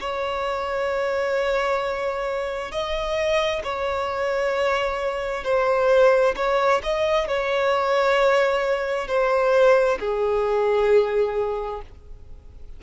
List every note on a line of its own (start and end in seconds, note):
0.00 2.71 C#5
2.71 3.62 D#5
3.64 5.44 C#5
5.44 6.35 C5
6.36 6.81 C#5
6.83 7.27 D#5
7.27 9.07 C#5
9.07 9.98 C5
10.00 11.81 G#4